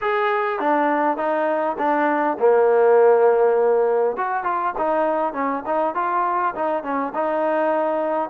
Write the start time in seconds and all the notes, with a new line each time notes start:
0.01 G#4
0.59 D4
1.17 D#4
1.78 D4
2.39 A#3
4.16 F#4
4.43 F4
4.78 D#4
5.33 C#4
5.66 D#4
5.95 F4
6.55 D#4
6.83 C#4
7.14 D#4